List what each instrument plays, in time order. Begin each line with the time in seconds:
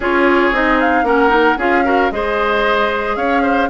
0.00 bassoon C#4, clarinet F4, oboe G#4, flute C#5
0.51 bassoon C4, clarinet D#4, flute D#5
0.79 flute F5
1.03 bassoon A#3, clarinet C#4, oboe A#4, flute F#5
1.29 clarinet D#4
1.57 bassoon C#4, clarinet F4, oboe G#4, flute F5
1.84 clarinet F#4, oboe A#4
2.11 bassoon G#3, clarinet G#4, oboe C5, flute D#5
3.16 bassoon C#4, oboe C#5, flute F5
3.42 oboe C5